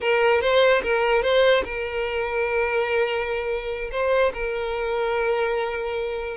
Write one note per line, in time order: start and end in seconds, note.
0.01 0.41 A#4
0.41 0.82 C5
0.82 1.22 A#4
1.22 1.63 C5
1.64 3.90 A#4
3.91 4.32 C5
4.33 6.37 A#4